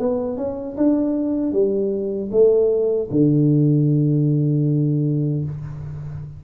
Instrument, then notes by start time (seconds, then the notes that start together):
tuba
0.00 B3
0.38 C#4
0.78 D4
1.53 G3
2.32 A3
3.11 D3